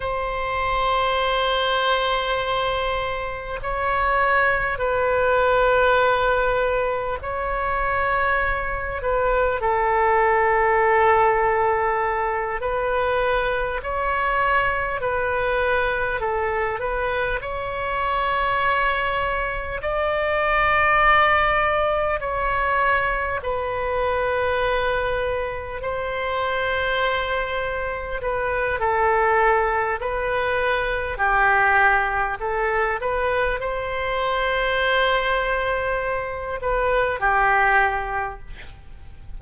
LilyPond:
\new Staff \with { instrumentName = "oboe" } { \time 4/4 \tempo 4 = 50 c''2. cis''4 | b'2 cis''4. b'8 | a'2~ a'8 b'4 cis''8~ | cis''8 b'4 a'8 b'8 cis''4.~ |
cis''8 d''2 cis''4 b'8~ | b'4. c''2 b'8 | a'4 b'4 g'4 a'8 b'8 | c''2~ c''8 b'8 g'4 | }